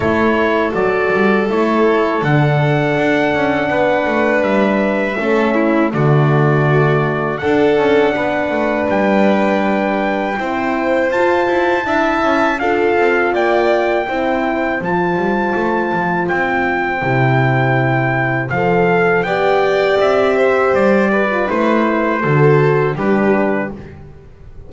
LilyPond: <<
  \new Staff \with { instrumentName = "trumpet" } { \time 4/4 \tempo 4 = 81 cis''4 d''4 cis''4 fis''4~ | fis''2 e''2 | d''2 fis''2 | g''2. a''4~ |
a''4 f''4 g''2 | a''2 g''2~ | g''4 f''4 g''4 e''4 | d''4 c''2 b'4 | }
  \new Staff \with { instrumentName = "violin" } { \time 4/4 a'1~ | a'4 b'2 a'8 e'8 | fis'2 a'4 b'4~ | b'2 c''2 |
e''4 a'4 d''4 c''4~ | c''1~ | c''2 d''4. c''8~ | c''8 b'4. a'4 g'4 | }
  \new Staff \with { instrumentName = "horn" } { \time 4/4 e'4 fis'4 e'4 d'4~ | d'2. cis'4 | a2 d'2~ | d'2 e'4 f'4 |
e'4 f'2 e'4 | f'2. e'4~ | e'4 a'4 g'2~ | g'8. f'16 e'4 fis'4 d'4 | }
  \new Staff \with { instrumentName = "double bass" } { \time 4/4 a4 fis8 g8 a4 d4 | d'8 cis'8 b8 a8 g4 a4 | d2 d'8 cis'8 b8 a8 | g2 c'4 f'8 e'8 |
d'8 cis'8 d'8 c'8 ais4 c'4 | f8 g8 a8 f8 c'4 c4~ | c4 f4 b4 c'4 | g4 a4 d4 g4 | }
>>